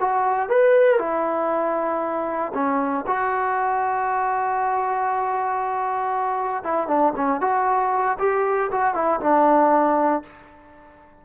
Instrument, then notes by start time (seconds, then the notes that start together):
trombone
0.00 F#4
0.49 B4
0.99 E4
2.54 C#4
3.07 F#4
6.64 E4
6.87 D4
7.16 C#4
7.41 F#4
8.19 G4
8.72 F#4
8.94 E4
9.20 D4